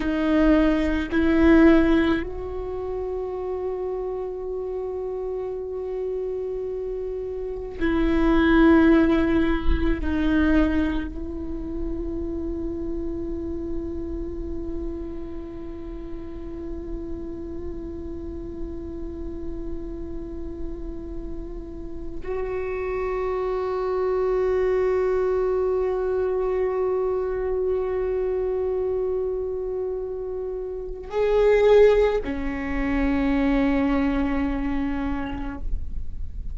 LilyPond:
\new Staff \with { instrumentName = "viola" } { \time 4/4 \tempo 4 = 54 dis'4 e'4 fis'2~ | fis'2. e'4~ | e'4 dis'4 e'2~ | e'1~ |
e'1 | fis'1~ | fis'1 | gis'4 cis'2. | }